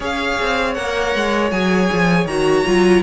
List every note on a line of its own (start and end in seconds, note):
0.00 0.38 C#4
0.00 0.75 G#4
0.00 3.03 C#5
0.00 0.74 F5
0.41 0.77 C4
0.74 1.15 A#3
0.74 1.51 A#4
0.74 1.50 F#5
1.15 1.51 G#3
1.51 1.89 F#3
1.51 2.28 G#4
1.51 2.26 G#5
1.92 2.25 F3
2.25 2.63 D#3
2.25 2.64 F#4
2.25 3.02 A#5
2.64 3.03 F#3
2.64 3.02 F4